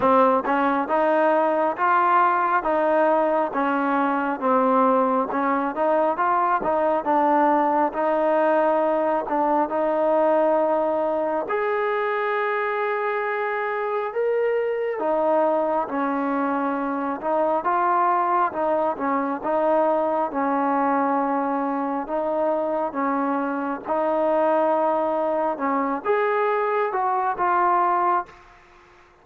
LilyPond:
\new Staff \with { instrumentName = "trombone" } { \time 4/4 \tempo 4 = 68 c'8 cis'8 dis'4 f'4 dis'4 | cis'4 c'4 cis'8 dis'8 f'8 dis'8 | d'4 dis'4. d'8 dis'4~ | dis'4 gis'2. |
ais'4 dis'4 cis'4. dis'8 | f'4 dis'8 cis'8 dis'4 cis'4~ | cis'4 dis'4 cis'4 dis'4~ | dis'4 cis'8 gis'4 fis'8 f'4 | }